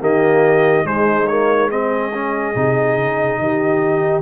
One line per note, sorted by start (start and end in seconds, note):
0.00 0.85 D#3
0.00 0.84 A#3
0.00 0.86 G4
0.00 0.87 D#5
0.84 1.27 G#3
0.84 2.55 G#3
0.84 1.70 D#4
0.84 1.27 C5
1.27 1.70 A#3
1.27 1.70 C#5
1.70 2.12 C4
1.70 3.40 G#4
1.70 4.22 D#5
2.14 2.55 C#4
2.55 2.97 C3
2.55 4.22 D#4
2.97 3.39 C#3
3.39 4.22 D#3
3.39 4.22 G4